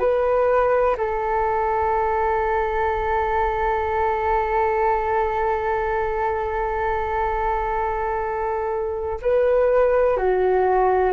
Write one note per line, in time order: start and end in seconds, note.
0.00 0.97 B4
0.98 9.21 A4
9.22 10.17 B4
10.17 11.13 F#4